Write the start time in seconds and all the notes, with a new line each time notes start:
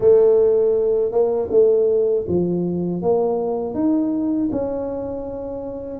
0.00 A3
1.11 A#3
1.50 A3
2.27 F3
3.01 A#3
3.74 D#4
4.51 C#4